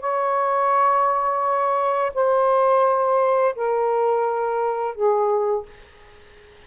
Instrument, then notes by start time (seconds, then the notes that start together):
saxophone
0.00 C#5
2.14 C5
3.55 A#4
4.95 G#4